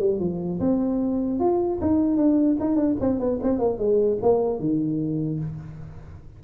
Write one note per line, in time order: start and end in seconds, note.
0.00 0.20 G3
0.20 0.60 F3
0.60 1.40 C4
1.40 1.80 F4
1.82 2.17 D#4
2.17 2.57 D4
2.61 2.76 D#4
2.76 2.96 D4
3.01 3.20 C4
3.20 3.40 B3
3.43 3.59 C4
3.59 3.79 A#3
3.79 4.19 G#3
4.22 4.60 A#3
4.60 5.40 D#3